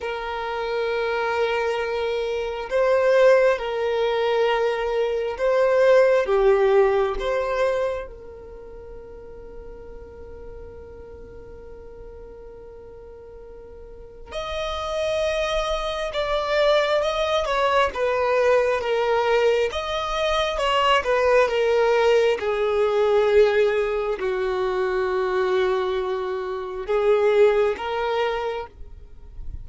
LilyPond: \new Staff \with { instrumentName = "violin" } { \time 4/4 \tempo 4 = 67 ais'2. c''4 | ais'2 c''4 g'4 | c''4 ais'2.~ | ais'1 |
dis''2 d''4 dis''8 cis''8 | b'4 ais'4 dis''4 cis''8 b'8 | ais'4 gis'2 fis'4~ | fis'2 gis'4 ais'4 | }